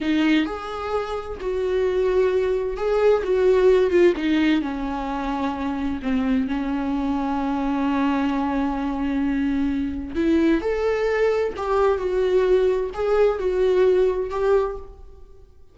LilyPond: \new Staff \with { instrumentName = "viola" } { \time 4/4 \tempo 4 = 130 dis'4 gis'2 fis'4~ | fis'2 gis'4 fis'4~ | fis'8 f'8 dis'4 cis'2~ | cis'4 c'4 cis'2~ |
cis'1~ | cis'2 e'4 a'4~ | a'4 g'4 fis'2 | gis'4 fis'2 g'4 | }